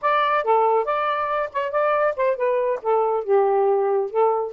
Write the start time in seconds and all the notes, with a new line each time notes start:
0.01 D5
0.44 A4
0.85 D5
1.52 C#5
1.71 D5
2.16 C5
2.36 B4
2.82 A4
3.24 G4
4.10 A4